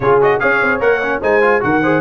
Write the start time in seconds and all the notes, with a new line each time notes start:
0.00 C#3 F4 G#4 C#5
0.21 F#4 D#5
0.39 C#4 G#4 C#5 F5
0.62 C4
0.80 A#3 A#4 F#5
1.02 C#4
1.21 G#3 D#4 C5 G#5
1.41 F4
1.60 D#3 F#4 A#4 F#5
1.82 G#4 C5